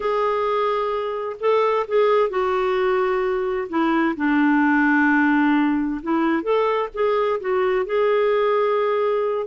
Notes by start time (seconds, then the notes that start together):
0.00 G#4
1.40 A4
1.87 G#4
2.29 F#4
3.69 E4
4.16 D4
6.02 E4
6.42 A4
6.93 G#4
7.40 F#4
7.85 G#4